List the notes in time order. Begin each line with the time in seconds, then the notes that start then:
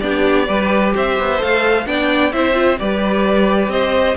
0.00 B3 D4 G4 D5
0.47 G3 G4 B4
0.94 C4 C5 E5
1.19 B3
1.38 A3 A4 F5
1.85 B3 D4 D5 G5
2.32 C4 E4 C5 E5
2.53 F4
2.78 G3 G4 B4 D5
3.68 C4 C5 D#5